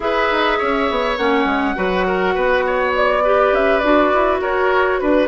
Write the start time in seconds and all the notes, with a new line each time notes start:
0.00 E4 G#4 B4 E5
0.31 D#4
0.58 C#4 C#5
0.90 B3
1.17 A#3 C#4 F#5
1.45 G#3
1.74 F#3 F#4 B4
2.06 A#4
2.34 B3 B4
2.66 C#5
2.95 D5
3.23 G4 B4
3.52 C#4 E5
3.78 D4 F#4 D5
4.13 E4
4.41 F#4 A#4 C#5
4.99 D4 B4